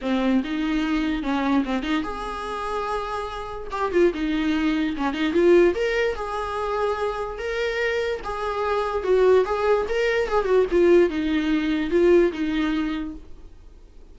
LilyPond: \new Staff \with { instrumentName = "viola" } { \time 4/4 \tempo 4 = 146 c'4 dis'2 cis'4 | c'8 dis'8 gis'2.~ | gis'4 g'8 f'8 dis'2 | cis'8 dis'8 f'4 ais'4 gis'4~ |
gis'2 ais'2 | gis'2 fis'4 gis'4 | ais'4 gis'8 fis'8 f'4 dis'4~ | dis'4 f'4 dis'2 | }